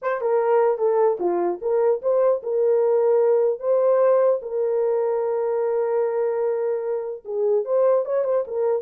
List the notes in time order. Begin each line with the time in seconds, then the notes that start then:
0.02 C5
0.21 A#4
0.78 A4
1.19 F4
1.61 A#4
2.02 C5
2.42 A#4
3.59 C5
4.42 A#4
7.24 G#4
7.65 C5
8.05 C#5
8.24 C5
8.47 A#4